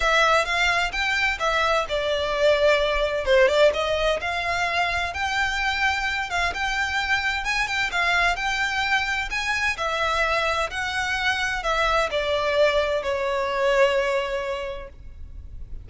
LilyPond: \new Staff \with { instrumentName = "violin" } { \time 4/4 \tempo 4 = 129 e''4 f''4 g''4 e''4 | d''2. c''8 d''8 | dis''4 f''2 g''4~ | g''4. f''8 g''2 |
gis''8 g''8 f''4 g''2 | gis''4 e''2 fis''4~ | fis''4 e''4 d''2 | cis''1 | }